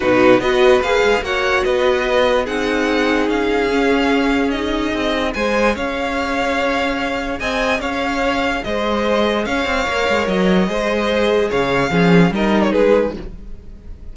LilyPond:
<<
  \new Staff \with { instrumentName = "violin" } { \time 4/4 \tempo 4 = 146 b'4 dis''4 f''4 fis''4 | dis''2 fis''2 | f''2. dis''4~ | dis''4 gis''4 f''2~ |
f''2 gis''4 f''4~ | f''4 dis''2 f''4~ | f''4 dis''2. | f''2 dis''8. cis''16 b'4 | }
  \new Staff \with { instrumentName = "violin" } { \time 4/4 fis'4 b'2 cis''4 | b'2 gis'2~ | gis'1~ | gis'4 c''4 cis''2~ |
cis''2 dis''4 cis''4~ | cis''4 c''2 cis''4~ | cis''2 c''2 | cis''4 gis'4 ais'4 gis'4 | }
  \new Staff \with { instrumentName = "viola" } { \time 4/4 dis'4 fis'4 gis'4 fis'4~ | fis'2 dis'2~ | dis'4 cis'2 dis'4~ | dis'4 gis'2.~ |
gis'1~ | gis'1 | ais'2 gis'2~ | gis'4 cis'4 dis'2 | }
  \new Staff \with { instrumentName = "cello" } { \time 4/4 b,4 b4 ais8 gis8 ais4 | b2 c'2 | cis'1 | c'4 gis4 cis'2~ |
cis'2 c'4 cis'4~ | cis'4 gis2 cis'8 c'8 | ais8 gis8 fis4 gis2 | cis4 f4 g4 gis4 | }
>>